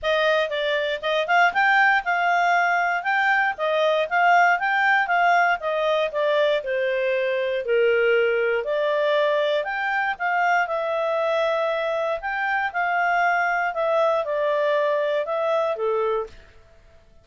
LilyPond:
\new Staff \with { instrumentName = "clarinet" } { \time 4/4 \tempo 4 = 118 dis''4 d''4 dis''8 f''8 g''4 | f''2 g''4 dis''4 | f''4 g''4 f''4 dis''4 | d''4 c''2 ais'4~ |
ais'4 d''2 g''4 | f''4 e''2. | g''4 f''2 e''4 | d''2 e''4 a'4 | }